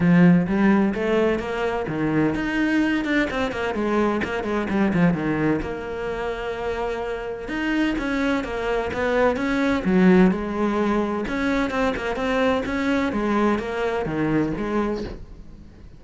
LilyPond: \new Staff \with { instrumentName = "cello" } { \time 4/4 \tempo 4 = 128 f4 g4 a4 ais4 | dis4 dis'4. d'8 c'8 ais8 | gis4 ais8 gis8 g8 f8 dis4 | ais1 |
dis'4 cis'4 ais4 b4 | cis'4 fis4 gis2 | cis'4 c'8 ais8 c'4 cis'4 | gis4 ais4 dis4 gis4 | }